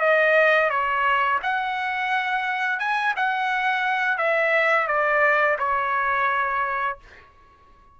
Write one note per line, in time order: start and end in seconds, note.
0.00 0.69 D#5
0.69 1.39 C#5
1.42 2.79 F#5
2.79 3.14 G#5
3.16 4.18 F#5
4.18 4.87 E5
4.87 5.57 D5
5.58 6.98 C#5